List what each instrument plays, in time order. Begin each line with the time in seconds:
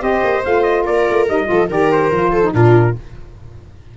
0.00 tuba C4, saxophone G4, viola C5, trumpet D#5
0.24 tuba A#3
0.43 tuba A3, saxophone F4, trumpet F5
0.63 trumpet D#5
0.83 tuba A#3, viola A#4, trumpet D5
1.09 tuba A3
1.28 tuba G3, saxophone D#4, trumpet D#5
1.45 tuba F3, saxophone F4, viola A4
1.68 tuba D#3, saxophone G4, viola A#4, trumpet D5
1.91 trumpet C5
2.11 tuba F3, saxophone F4
2.31 viola A4
2.43 saxophone D#4
2.53 tuba A#2, saxophone D4, viola F4, trumpet A#4